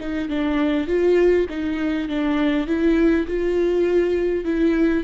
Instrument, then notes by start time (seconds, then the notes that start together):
viola
0.00 D#4
0.29 D4
0.87 F4
1.49 D#4
2.09 D4
2.67 E4
3.27 F4
4.45 E4